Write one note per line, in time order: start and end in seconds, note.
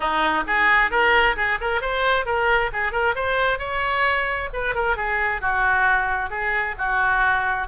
0.00 0.44 D#4
0.46 0.90 G#4
0.90 1.36 A#4
1.36 1.58 G#4
1.60 1.81 A#4
1.81 2.25 C5
2.25 2.70 A#4
2.73 2.92 G#4
2.92 3.14 A#4
3.15 3.59 C5
3.59 4.49 C#5
4.53 4.75 B4
4.75 4.96 A#4
4.96 5.41 G#4
5.41 6.30 F#4
6.30 6.75 G#4
6.78 7.67 F#4